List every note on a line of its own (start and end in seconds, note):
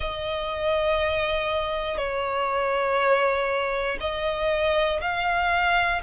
0.00 1.97 D#5
1.97 3.97 C#5
4.00 5.00 D#5
5.01 6.01 F5